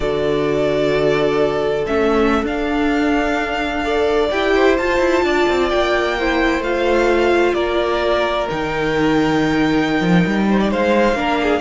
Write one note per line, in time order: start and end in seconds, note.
0.00 1.85 D3
0.00 1.86 F#4
0.00 3.84 A4
0.00 1.84 D5
1.86 2.43 A3
1.86 2.45 C#4
1.86 2.45 E5
2.43 4.29 D4
2.43 3.83 D4
2.43 4.29 F5
3.83 4.30 A4
3.83 4.54 D5
4.29 4.78 E4
4.29 4.78 G4
4.29 4.76 G5
4.55 5.25 C5
4.77 4.98 F4
4.77 6.18 F4
4.77 5.69 A5
4.98 5.21 E4
5.23 5.46 D4
5.23 6.18 D5
5.49 5.72 C4
5.69 6.59 A#3
5.69 6.62 G5
6.18 6.64 E4
6.18 7.54 C5
6.59 7.52 A3
6.59 8.48 F4
6.59 7.54 F5
7.54 8.47 A#3
7.54 10.45 A#4
7.54 8.47 D5
8.48 10.00 D#3
8.48 11.15 D#4
8.48 10.70 G5
10.00 10.24 F3
10.26 10.71 G3
10.49 10.59 C5
10.59 10.71 D5
10.71 11.13 G#3
10.71 11.17 C5
10.71 11.60 F5
11.13 11.59 A#3
11.13 11.60 D4
11.13 11.41 A#4
11.42 11.60 G#4